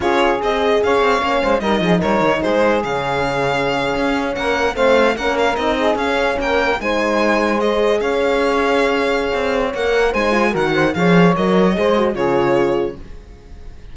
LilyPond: <<
  \new Staff \with { instrumentName = "violin" } { \time 4/4 \tempo 4 = 148 cis''4 dis''4 f''2 | dis''4 cis''4 c''4 f''4~ | f''2~ f''8. fis''4 f''16~ | f''8. fis''8 f''8 dis''4 f''4 g''16~ |
g''8. gis''2 dis''4 f''16~ | f''1 | fis''4 gis''4 fis''4 f''4 | dis''2 cis''2 | }
  \new Staff \with { instrumentName = "saxophone" } { \time 4/4 gis'2 cis''4. c''8 | ais'8 gis'8 ais'4 gis'2~ | gis'2~ gis'8. ais'4 c''16~ | c''8. ais'4. gis'4. ais'16~ |
ais'8. c''2. cis''16~ | cis''1~ | cis''4 c''4 ais'8 c''8 cis''4~ | cis''4 c''4 gis'2 | }
  \new Staff \with { instrumentName = "horn" } { \time 4/4 f'4 gis'2 cis'4 | dis'2. cis'4~ | cis'2.~ cis'8. c'16~ | c'8. cis'4 dis'4 cis'4~ cis'16~ |
cis'8. dis'2 gis'4~ gis'16~ | gis'1 | ais'4 dis'8 f'8 fis'4 gis'4 | ais'4 gis'8 fis'8 f'2 | }
  \new Staff \with { instrumentName = "cello" } { \time 4/4 cis'4 c'4 cis'8 c'8 ais8 gis8 | g8 f8 g8 dis8 gis4 cis4~ | cis4.~ cis16 cis'4 ais4 a16~ | a8. ais4 c'4 cis'4 ais16~ |
ais8. gis2. cis'16~ | cis'2. c'4 | ais4 gis4 dis4 f4 | fis4 gis4 cis2 | }
>>